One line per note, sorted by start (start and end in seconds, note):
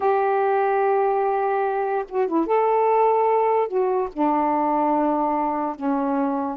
0.00 2.04 G4
2.08 2.27 F#4
2.27 2.46 E4
2.46 3.68 A4
3.68 4.09 F#4
4.12 5.75 D4
5.75 6.57 C#4